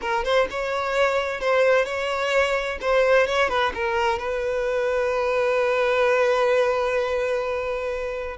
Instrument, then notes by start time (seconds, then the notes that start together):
violin
0.01 A#4
0.24 C5
0.50 C#5
1.40 C5
1.85 C#5
2.81 C5
3.26 C#5
3.49 B4
3.74 A#4
4.18 B4